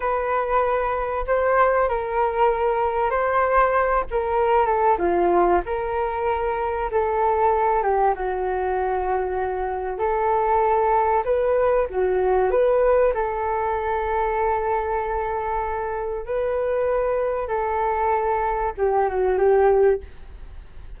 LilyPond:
\new Staff \with { instrumentName = "flute" } { \time 4/4 \tempo 4 = 96 b'2 c''4 ais'4~ | ais'4 c''4. ais'4 a'8 | f'4 ais'2 a'4~ | a'8 g'8 fis'2. |
a'2 b'4 fis'4 | b'4 a'2.~ | a'2 b'2 | a'2 g'8 fis'8 g'4 | }